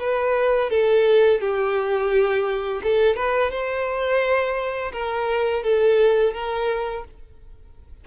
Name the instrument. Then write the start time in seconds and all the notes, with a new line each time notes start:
violin
0.00 B4
0.70 A4
1.41 G4
2.84 A4
3.16 B4
3.51 C5
4.93 A#4
5.64 A4
6.34 A#4